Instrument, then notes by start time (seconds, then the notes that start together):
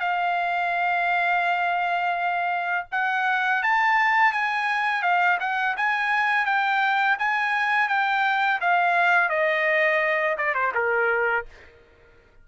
trumpet
0.00 F5
2.92 F#5
3.63 A5
4.32 G#5
5.02 F5
5.40 F#5
5.77 G#5
6.46 G5
7.19 G#5
7.89 G5
8.61 F5
9.29 D#5
10.38 D5
10.55 C5
10.74 A#4